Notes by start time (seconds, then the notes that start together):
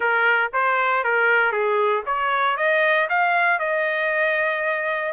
0.00 A#4
0.53 C5
1.03 A#4
1.52 G#4
2.05 C#5
2.56 D#5
3.09 F5
3.59 D#5